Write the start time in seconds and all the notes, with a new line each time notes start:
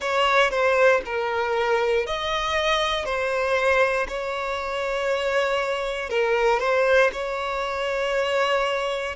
0.00 C#5
0.50 C5
1.04 A#4
2.06 D#5
3.05 C5
4.08 C#5
6.09 A#4
6.59 C5
7.12 C#5